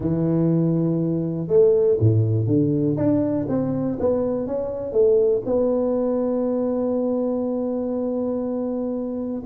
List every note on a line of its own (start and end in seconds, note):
0.00 1.47 E3
1.47 1.97 A3
1.99 2.47 A2
2.47 2.96 D3
2.96 3.46 D4
3.48 3.97 C4
3.99 4.47 B3
4.47 4.92 C#4
4.92 5.42 A3
5.45 9.42 B3